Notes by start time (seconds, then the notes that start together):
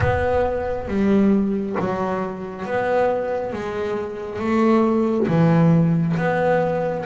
0.00 B3
0.87 G3
1.79 F#3
2.65 B3
3.52 G#3
4.39 A3
5.27 E3
6.16 B3